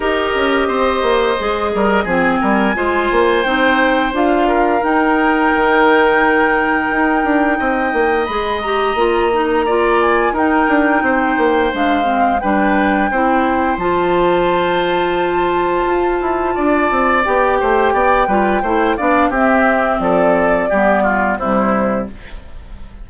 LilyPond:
<<
  \new Staff \with { instrumentName = "flute" } { \time 4/4 \tempo 4 = 87 dis''2. gis''4~ | gis''4 g''4 f''4 g''4~ | g''1 | b''8 ais''2 gis''8 g''4~ |
g''4 f''4 g''2 | a''1~ | a''4 g''2~ g''8 f''8 | e''4 d''2 c''4 | }
  \new Staff \with { instrumentName = "oboe" } { \time 4/4 ais'4 c''4. ais'8 gis'8 ais'8 | c''2~ c''8 ais'4.~ | ais'2. dis''4~ | dis''2 d''4 ais'4 |
c''2 b'4 c''4~ | c''1 | d''4. c''8 d''8 b'8 c''8 d''8 | g'4 a'4 g'8 f'8 e'4 | }
  \new Staff \with { instrumentName = "clarinet" } { \time 4/4 g'2 gis'4 c'4 | f'4 dis'4 f'4 dis'4~ | dis'1 | gis'8 g'8 f'8 dis'8 f'4 dis'4~ |
dis'4 d'8 c'8 d'4 e'4 | f'1~ | f'4 g'4. f'8 e'8 d'8 | c'2 b4 g4 | }
  \new Staff \with { instrumentName = "bassoon" } { \time 4/4 dis'8 cis'8 c'8 ais8 gis8 g8 f8 g8 | gis8 ais8 c'4 d'4 dis'4 | dis2 dis'8 d'8 c'8 ais8 | gis4 ais2 dis'8 d'8 |
c'8 ais8 gis4 g4 c'4 | f2. f'8 e'8 | d'8 c'8 b8 a8 b8 g8 a8 b8 | c'4 f4 g4 c4 | }
>>